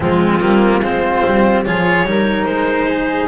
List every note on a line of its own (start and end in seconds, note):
0.00 0.39 F3
0.00 0.40 G#3
0.00 0.80 C4
0.00 0.83 F4
0.40 0.81 G3
0.40 0.81 A#3
0.80 1.22 G#3
0.80 1.65 C4
0.80 1.62 F4
0.80 1.65 C5
1.25 1.66 G3
1.65 2.03 F3
1.65 2.06 F4
1.65 2.06 G#4
1.65 2.45 C#5
2.03 2.44 G3
2.03 3.27 D#4
2.09 2.88 A#4
2.45 3.27 G#3
2.45 3.27 C5
2.88 3.27 G#4